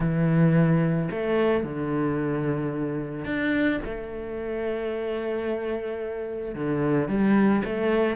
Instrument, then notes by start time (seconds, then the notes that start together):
cello
0.00 E3
1.10 A3
1.63 D3
3.25 D4
3.84 A3
6.54 D3
7.08 G3
7.64 A3